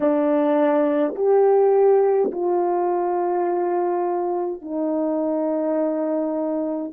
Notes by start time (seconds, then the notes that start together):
0.00 D4
1.15 G4
2.31 F4
4.62 D#4